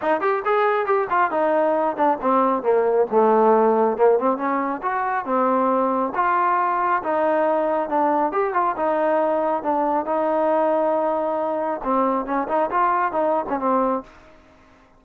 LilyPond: \new Staff \with { instrumentName = "trombone" } { \time 4/4 \tempo 4 = 137 dis'8 g'8 gis'4 g'8 f'8 dis'4~ | dis'8 d'8 c'4 ais4 a4~ | a4 ais8 c'8 cis'4 fis'4 | c'2 f'2 |
dis'2 d'4 g'8 f'8 | dis'2 d'4 dis'4~ | dis'2. c'4 | cis'8 dis'8 f'4 dis'8. cis'16 c'4 | }